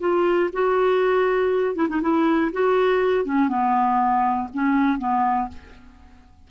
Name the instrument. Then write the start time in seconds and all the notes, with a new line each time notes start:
clarinet
0.00 F4
0.53 F#4
1.75 E4
1.89 D#4
2.02 E4
2.53 F#4
3.25 C#4
3.48 B3
4.53 C#4
4.98 B3